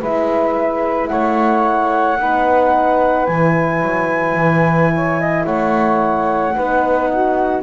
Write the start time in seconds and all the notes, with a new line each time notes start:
0.00 G#3 E4 B4 E5
1.08 A3 C#5 F#5
2.19 B3 D#4 B4
3.26 E3 E4 G#5
3.81 F#3
4.34 E3
4.94 C#5
5.20 D#5
5.45 A3 C#5 F#5
6.55 B3 D#4 B4
7.11 F#4